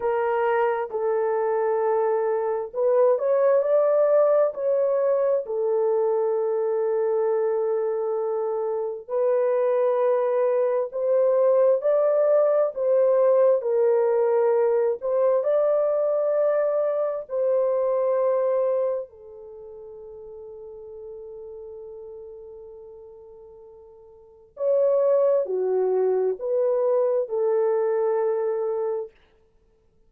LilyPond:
\new Staff \with { instrumentName = "horn" } { \time 4/4 \tempo 4 = 66 ais'4 a'2 b'8 cis''8 | d''4 cis''4 a'2~ | a'2 b'2 | c''4 d''4 c''4 ais'4~ |
ais'8 c''8 d''2 c''4~ | c''4 a'2.~ | a'2. cis''4 | fis'4 b'4 a'2 | }